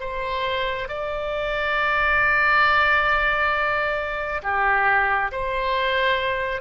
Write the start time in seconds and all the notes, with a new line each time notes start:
0.00 C5
0.89 D5
4.43 G4
5.32 C5